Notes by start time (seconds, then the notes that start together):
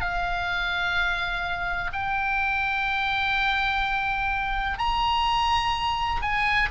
0.00 F5
1.92 G5
4.77 A#5
6.22 G#5